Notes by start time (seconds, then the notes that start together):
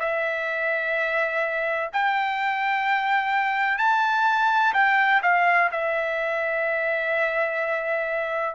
0.00 E5
1.93 G5
3.78 A5
4.74 G5
5.23 F5
5.72 E5